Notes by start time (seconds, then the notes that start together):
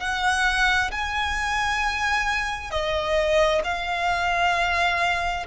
0.00 F#5
0.92 G#5
2.71 D#5
3.64 F5